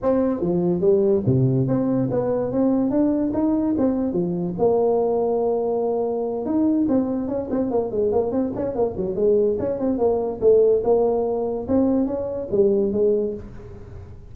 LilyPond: \new Staff \with { instrumentName = "tuba" } { \time 4/4 \tempo 4 = 144 c'4 f4 g4 c4 | c'4 b4 c'4 d'4 | dis'4 c'4 f4 ais4~ | ais2.~ ais8 dis'8~ |
dis'8 c'4 cis'8 c'8 ais8 gis8 ais8 | c'8 cis'8 ais8 fis8 gis4 cis'8 c'8 | ais4 a4 ais2 | c'4 cis'4 g4 gis4 | }